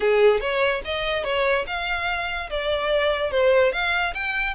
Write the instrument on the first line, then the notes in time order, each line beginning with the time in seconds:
violin
0.00 G#4
0.40 C#5
0.85 D#5
1.24 C#5
1.66 F5
2.50 D5
3.31 C5
3.72 F5
4.14 G5